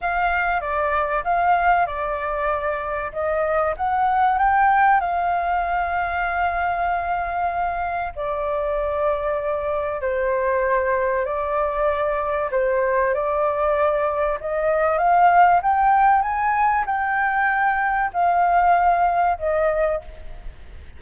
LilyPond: \new Staff \with { instrumentName = "flute" } { \time 4/4 \tempo 4 = 96 f''4 d''4 f''4 d''4~ | d''4 dis''4 fis''4 g''4 | f''1~ | f''4 d''2. |
c''2 d''2 | c''4 d''2 dis''4 | f''4 g''4 gis''4 g''4~ | g''4 f''2 dis''4 | }